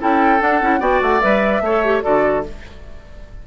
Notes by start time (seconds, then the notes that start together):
0.00 C#4 E4 A4 G5
0.40 D4 F#5
0.62 C#4 E4
0.80 B3 F#4 D5 G5
1.02 A3 F#5
1.21 G3 B4 E5
1.61 A3 C#5
1.68 A4
1.85 G4
2.03 D3 F#4 A4 D5